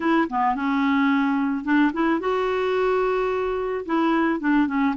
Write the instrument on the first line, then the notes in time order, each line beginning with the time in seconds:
clarinet
0.00 E4
0.29 B3
0.55 C#4
1.64 D4
1.93 E4
2.20 F#4
3.85 E4
4.40 D4
4.67 C#4